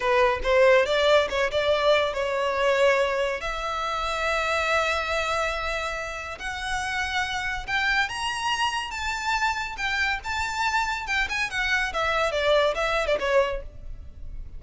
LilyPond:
\new Staff \with { instrumentName = "violin" } { \time 4/4 \tempo 4 = 141 b'4 c''4 d''4 cis''8 d''8~ | d''4 cis''2. | e''1~ | e''2. fis''4~ |
fis''2 g''4 ais''4~ | ais''4 a''2 g''4 | a''2 g''8 gis''8 fis''4 | e''4 d''4 e''8. d''16 cis''4 | }